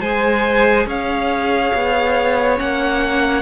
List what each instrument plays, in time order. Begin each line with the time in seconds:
0.00 cello G#3, viola G#4, violin C5 G#5
0.86 cello C#4, violin C#5 F5
1.74 cello B3
2.56 cello A#3, viola C#4, violin F#5